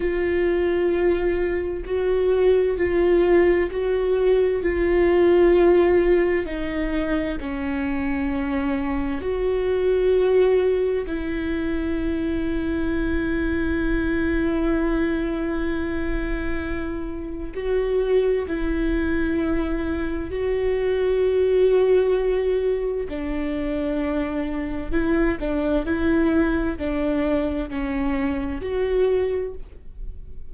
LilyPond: \new Staff \with { instrumentName = "viola" } { \time 4/4 \tempo 4 = 65 f'2 fis'4 f'4 | fis'4 f'2 dis'4 | cis'2 fis'2 | e'1~ |
e'2. fis'4 | e'2 fis'2~ | fis'4 d'2 e'8 d'8 | e'4 d'4 cis'4 fis'4 | }